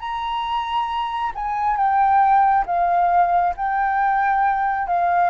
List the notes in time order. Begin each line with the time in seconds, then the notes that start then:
0.00 A#5
1.35 G#5
1.77 G5
2.66 F5
3.57 G5
4.88 F5